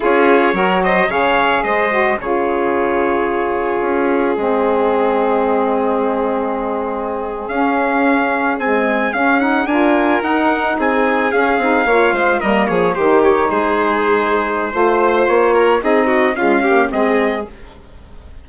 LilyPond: <<
  \new Staff \with { instrumentName = "trumpet" } { \time 4/4 \tempo 4 = 110 cis''4. dis''8 f''4 dis''4 | cis''1 | dis''1~ | dis''4.~ dis''16 f''2 gis''16~ |
gis''8. f''8 fis''8 gis''4 fis''4 gis''16~ | gis''8. f''2 dis''8 cis''8 c''16~ | c''16 cis''8 c''2.~ c''16 | cis''4 dis''4 f''4 dis''4 | }
  \new Staff \with { instrumentName = "violin" } { \time 4/4 gis'4 ais'8 c''8 cis''4 c''4 | gis'1~ | gis'1~ | gis'1~ |
gis'4.~ gis'16 ais'2 gis'16~ | gis'4.~ gis'16 cis''8 c''8 ais'8 gis'8 g'16~ | g'8. gis'2~ gis'16 c''4~ | c''8 ais'8 gis'8 fis'8 f'8 g'8 gis'4 | }
  \new Staff \with { instrumentName = "saxophone" } { \time 4/4 f'4 fis'4 gis'4. fis'8 | f'1 | c'1~ | c'4.~ c'16 cis'2 gis16~ |
gis8. cis'8 dis'8 f'4 dis'4~ dis'16~ | dis'8. cis'8 dis'8 f'4 ais4 dis'16~ | dis'2. f'4~ | f'4 dis'4 gis8 ais8 c'4 | }
  \new Staff \with { instrumentName = "bassoon" } { \time 4/4 cis'4 fis4 cis4 gis4 | cis2. cis'4 | gis1~ | gis4.~ gis16 cis'2 c'16~ |
c'8. cis'4 d'4 dis'4 c'16~ | c'8. cis'8 c'8 ais8 gis8 g8 f8 dis16~ | dis8. gis2~ gis16 a4 | ais4 c'4 cis'4 gis4 | }
>>